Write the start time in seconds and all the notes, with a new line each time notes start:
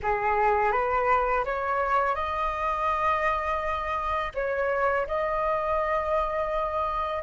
0.02 G#4
0.72 B4
1.44 C#5
2.15 D#5
4.34 C#5
5.07 D#5